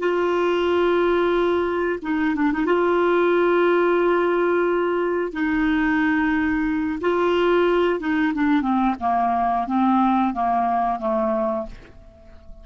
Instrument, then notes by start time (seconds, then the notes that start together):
clarinet
0.00 F4
2.02 D#4
2.36 D4
2.53 D#4
2.66 F4
5.33 D#4
7.02 F4
8.00 D#4
8.35 D4
8.62 C4
9.01 A#3
9.68 C4
10.34 A#3
11.00 A3